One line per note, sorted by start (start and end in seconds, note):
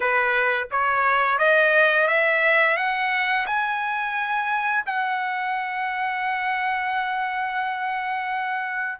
0.00 0.67 B4
0.71 1.38 C#5
1.38 2.07 D#5
2.07 2.76 E5
2.76 3.45 F#5
3.46 4.84 G#5
4.86 8.99 F#5